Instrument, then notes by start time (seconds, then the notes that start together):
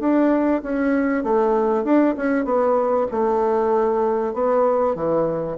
bassoon
0.00 D4
0.63 C#4
1.24 A3
1.84 D4
2.17 C#4
2.45 B3
3.12 A3
4.34 B3
4.96 E3